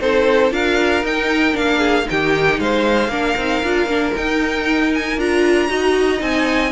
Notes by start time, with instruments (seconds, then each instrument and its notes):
0.00 cello C4, viola D#4, violin A4 C5
0.51 cello D4, viola F4, violin A#4 F5
1.03 cello D#4, viola D#4, violin G5
1.52 cello A#3, viola D4, violin F5
1.78 violin G#4
2.05 cello D#3, viola D#4, violin G4 G5
2.59 cello G#3, violin C5 F5
3.08 cello A#3, viola D4, violin A#4
3.37 cello C4, viola D#4
3.63 cello D4, viola F4
3.86 cello A#3, viola D4
4.16 viola D#4, cello D#4, violin G5
4.94 violin G#5
5.17 cello D4, viola F4, violin A#5
5.68 cello D#4, viola F#4, violin D#5
6.18 cello C4, viola D#4, violin G#5